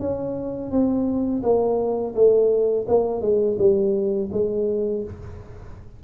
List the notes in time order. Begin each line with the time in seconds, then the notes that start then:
0.00 C#4
0.71 C4
1.43 A#3
2.15 A3
2.88 A#3
3.21 G#3
3.59 G3
4.32 G#3